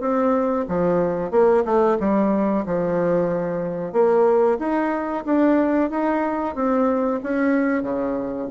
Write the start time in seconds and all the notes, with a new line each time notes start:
0.00 C4
0.68 F3
1.31 A#3
1.65 A3
2.00 G3
2.66 F3
3.92 A#3
4.59 D#4
5.25 D4
5.90 D#4
6.55 C4
7.23 C#4
7.82 C#3